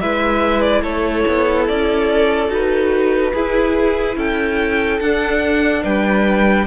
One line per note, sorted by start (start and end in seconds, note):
0.00 0.82 G#3
0.00 2.47 E4
0.00 0.82 B4
0.00 0.61 E5
0.61 0.82 D5
0.82 1.24 A3
0.82 3.32 A4
0.82 1.66 C#5
1.27 1.69 B3
1.67 2.49 C#4
1.67 2.50 D5
2.47 3.32 D#4
2.47 3.31 F#4
2.47 4.18 B4
3.33 4.16 E4
3.33 5.02 E4
3.33 4.16 G#4
4.16 4.99 C#4
4.16 5.83 A4
4.16 4.99 G5
4.99 5.84 D4
4.99 6.66 D4
4.99 5.83 F#5
5.83 6.66 G3
5.83 6.66 B4
5.83 6.66 G5